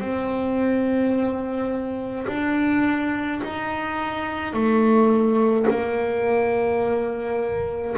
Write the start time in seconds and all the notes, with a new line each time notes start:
0.00 C4
2.27 D4
3.44 D#4
4.53 A3
5.70 A#3